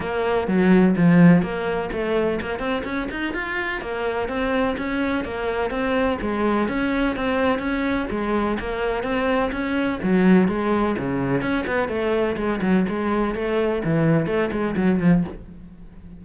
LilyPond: \new Staff \with { instrumentName = "cello" } { \time 4/4 \tempo 4 = 126 ais4 fis4 f4 ais4 | a4 ais8 c'8 cis'8 dis'8 f'4 | ais4 c'4 cis'4 ais4 | c'4 gis4 cis'4 c'4 |
cis'4 gis4 ais4 c'4 | cis'4 fis4 gis4 cis4 | cis'8 b8 a4 gis8 fis8 gis4 | a4 e4 a8 gis8 fis8 f8 | }